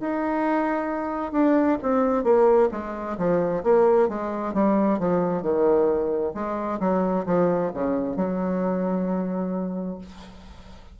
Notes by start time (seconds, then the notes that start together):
0.00 D#4
1.32 D4
1.82 C4
2.24 A#3
2.71 G#3
3.17 F3
3.63 A#3
4.09 G#3
4.54 G3
4.99 F3
5.42 D#3
6.34 G#3
6.80 F#3
7.26 F3
7.74 C#3
8.16 F#3